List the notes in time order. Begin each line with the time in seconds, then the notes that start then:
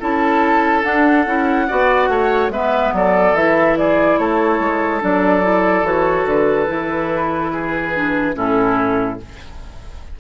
0.00 C#4 E4 A4 A5
0.83 D4 F#5
1.26 C#4 E4
1.68 B3 F#4 D5
2.09 A3 C#5
2.49 G#3 B3 B4 E5
2.93 F#3 A4 D5
3.33 E3 E4 E5
3.78 G#4 D5
4.18 A3 A4 C#5
4.60 G#3
5.01 F#3 D4 D5
5.43 E4
5.83 E3 F#4 C#5
6.26 D3 B4
6.67 E3 E4
7.52 G#4
7.96 D4
8.34 A2 C#4 E4 A4